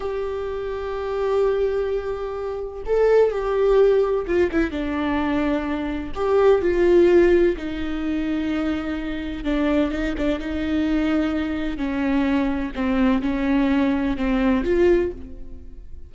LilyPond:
\new Staff \with { instrumentName = "viola" } { \time 4/4 \tempo 4 = 127 g'1~ | g'2 a'4 g'4~ | g'4 f'8 e'8 d'2~ | d'4 g'4 f'2 |
dis'1 | d'4 dis'8 d'8 dis'2~ | dis'4 cis'2 c'4 | cis'2 c'4 f'4 | }